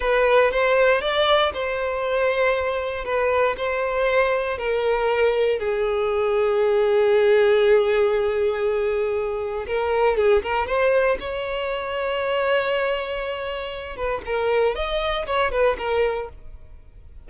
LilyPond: \new Staff \with { instrumentName = "violin" } { \time 4/4 \tempo 4 = 118 b'4 c''4 d''4 c''4~ | c''2 b'4 c''4~ | c''4 ais'2 gis'4~ | gis'1~ |
gis'2. ais'4 | gis'8 ais'8 c''4 cis''2~ | cis''2.~ cis''8 b'8 | ais'4 dis''4 cis''8 b'8 ais'4 | }